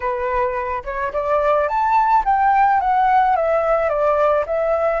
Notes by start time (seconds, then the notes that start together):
0.00 B4
0.84 C#5
1.12 D5
1.68 A5
2.24 G5
2.80 F#5
3.36 E5
3.89 D5
4.46 E5